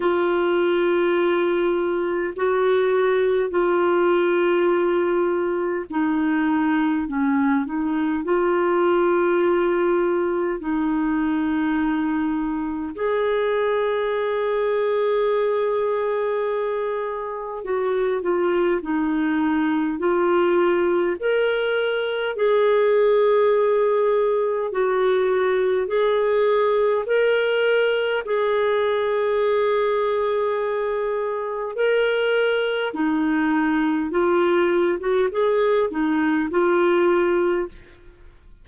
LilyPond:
\new Staff \with { instrumentName = "clarinet" } { \time 4/4 \tempo 4 = 51 f'2 fis'4 f'4~ | f'4 dis'4 cis'8 dis'8 f'4~ | f'4 dis'2 gis'4~ | gis'2. fis'8 f'8 |
dis'4 f'4 ais'4 gis'4~ | gis'4 fis'4 gis'4 ais'4 | gis'2. ais'4 | dis'4 f'8. fis'16 gis'8 dis'8 f'4 | }